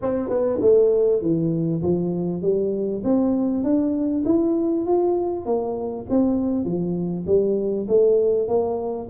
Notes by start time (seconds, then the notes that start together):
0.02 C4
0.29 B3
0.61 A3
1.21 E3
1.82 F3
2.42 G3
3.03 C4
3.63 D4
4.25 E4
4.86 F4
5.45 A#3
6.09 C4
6.64 F3
7.26 G3
7.88 A3
8.47 A#3